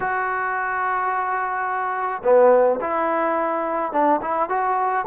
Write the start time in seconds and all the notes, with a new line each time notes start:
0.00 F#4
2.23 B3
2.80 E4
3.92 D4
4.21 E4
4.49 F#4